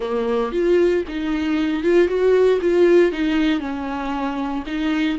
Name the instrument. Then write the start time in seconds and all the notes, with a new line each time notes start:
viola
0.00 A#3
0.52 F4
1.08 D#4
1.83 F4
2.07 F#4
2.61 F4
3.12 D#4
3.59 C#4
4.66 D#4